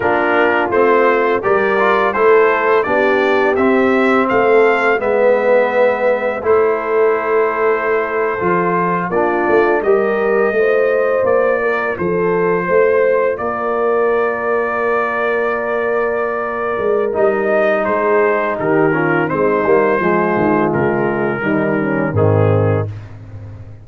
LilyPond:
<<
  \new Staff \with { instrumentName = "trumpet" } { \time 4/4 \tempo 4 = 84 ais'4 c''4 d''4 c''4 | d''4 e''4 f''4 e''4~ | e''4 c''2.~ | c''8. d''4 dis''2 d''16~ |
d''8. c''2 d''4~ d''16~ | d''1 | dis''4 c''4 ais'4 c''4~ | c''4 ais'2 gis'4 | }
  \new Staff \with { instrumentName = "horn" } { \time 4/4 f'2 ais'4 a'4 | g'2 a'4 b'4~ | b'4 a'2.~ | a'8. f'4 ais'4 c''4~ c''16~ |
c''16 ais'8 a'4 c''4 ais'4~ ais'16~ | ais'1~ | ais'4 gis'4 g'8 f'8 dis'4 | f'2 dis'8 cis'8 c'4 | }
  \new Staff \with { instrumentName = "trombone" } { \time 4/4 d'4 c'4 g'8 f'8 e'4 | d'4 c'2 b4~ | b4 e'2~ e'8. f'16~ | f'8. d'4 g'4 f'4~ f'16~ |
f'1~ | f'1 | dis'2~ dis'8 cis'8 c'8 ais8 | gis2 g4 dis4 | }
  \new Staff \with { instrumentName = "tuba" } { \time 4/4 ais4 a4 g4 a4 | b4 c'4 a4 gis4~ | gis4 a2~ a8. f16~ | f8. ais8 a8 g4 a4 ais16~ |
ais8. f4 a4 ais4~ ais16~ | ais2.~ ais8 gis8 | g4 gis4 dis4 gis8 g8 | f8 dis8 cis4 dis4 gis,4 | }
>>